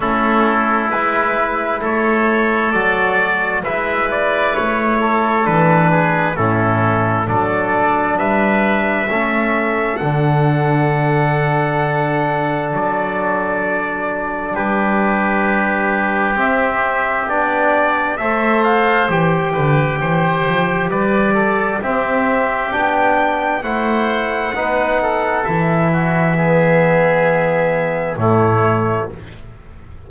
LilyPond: <<
  \new Staff \with { instrumentName = "trumpet" } { \time 4/4 \tempo 4 = 66 a'4 b'4 cis''4 d''4 | e''8 d''8 cis''4 b'4 a'4 | d''4 e''2 fis''4~ | fis''2 d''2 |
b'2 e''4 d''4 | e''8 f''8 g''2 d''4 | e''4 g''4 fis''2 | e''2. cis''4 | }
  \new Staff \with { instrumentName = "oboe" } { \time 4/4 e'2 a'2 | b'4. a'4 gis'8 e'4 | a'4 b'4 a'2~ | a'1 |
g'1 | c''4. b'8 c''4 b'8 a'8 | g'2 c''4 b'8 a'8~ | a'8 fis'8 gis'2 e'4 | }
  \new Staff \with { instrumentName = "trombone" } { \time 4/4 cis'4 e'2 fis'4 | e'2 d'4 cis'4 | d'2 cis'4 d'4~ | d'1~ |
d'2 c'4 d'4 | a'4 g'2. | c'4 d'4 e'4 dis'4 | e'4 b2 a4 | }
  \new Staff \with { instrumentName = "double bass" } { \time 4/4 a4 gis4 a4 fis4 | gis4 a4 e4 a,4 | fis4 g4 a4 d4~ | d2 fis2 |
g2 c'4 b4 | a4 e8 d8 e8 f8 g4 | c'4 b4 a4 b4 | e2. a,4 | }
>>